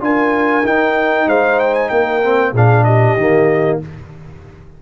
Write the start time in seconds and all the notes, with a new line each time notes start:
0.00 D4 F4 A#4 G#5
0.64 D#4 G5
1.26 G#3 C5 F5
1.59 G5
1.74 G#5
1.89 A#3 A#4 G5
2.23 C4
2.52 A#2 D4 G#4 F5
2.84 G4 D#5
3.17 D#3 A#3